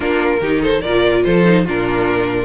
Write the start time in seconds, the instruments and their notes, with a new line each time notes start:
0.00 cello A#3, viola D4, violin F4 A#4
0.41 cello D#3, viola D#4, violin G4
0.62 violin A4 C5
0.81 cello A#2, viola F4, violin A#4 D5
1.24 cello F3, violin A4 C5
1.44 viola D#4
1.64 cello A#2, viola D4, violin F4 A#4